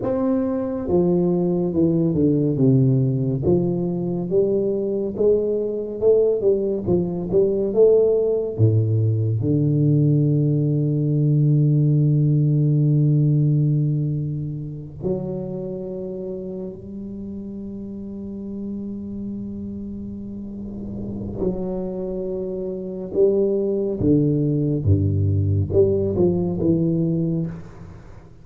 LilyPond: \new Staff \with { instrumentName = "tuba" } { \time 4/4 \tempo 4 = 70 c'4 f4 e8 d8 c4 | f4 g4 gis4 a8 g8 | f8 g8 a4 a,4 d4~ | d1~ |
d4. fis2 g8~ | g1~ | g4 fis2 g4 | d4 g,4 g8 f8 e4 | }